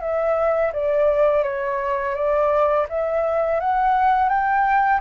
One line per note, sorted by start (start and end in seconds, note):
0.00 0.71 E5
0.72 1.43 D5
1.43 2.15 C#5
2.15 2.86 D5
2.89 3.60 E5
3.60 4.29 F#5
4.29 5.00 G5